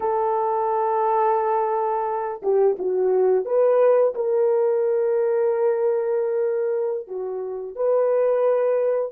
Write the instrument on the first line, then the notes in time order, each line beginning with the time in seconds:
horn
0.00 A4
2.42 G4
2.78 F#4
3.45 B4
4.14 A#4
7.07 F#4
7.75 B4